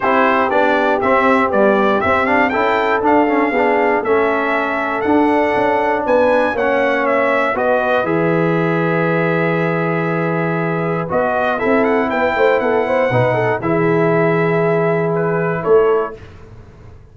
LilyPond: <<
  \new Staff \with { instrumentName = "trumpet" } { \time 4/4 \tempo 4 = 119 c''4 d''4 e''4 d''4 | e''8 f''8 g''4 f''2 | e''2 fis''2 | gis''4 fis''4 e''4 dis''4 |
e''1~ | e''2 dis''4 e''8 fis''8 | g''4 fis''2 e''4~ | e''2 b'4 cis''4 | }
  \new Staff \with { instrumentName = "horn" } { \time 4/4 g'1~ | g'4 a'2 gis'4 | a'1 | b'4 cis''2 b'4~ |
b'1~ | b'2. a'4 | b'8 c''8 a'8 c''8 b'8 a'8 gis'4~ | gis'2. a'4 | }
  \new Staff \with { instrumentName = "trombone" } { \time 4/4 e'4 d'4 c'4 g4 | c'8 d'8 e'4 d'8 cis'8 d'4 | cis'2 d'2~ | d'4 cis'2 fis'4 |
gis'1~ | gis'2 fis'4 e'4~ | e'2 dis'4 e'4~ | e'1 | }
  \new Staff \with { instrumentName = "tuba" } { \time 4/4 c'4 b4 c'4 b4 | c'4 cis'4 d'4 b4 | a2 d'4 cis'4 | b4 ais2 b4 |
e1~ | e2 b4 c'4 | b8 a8 b4 b,4 e4~ | e2. a4 | }
>>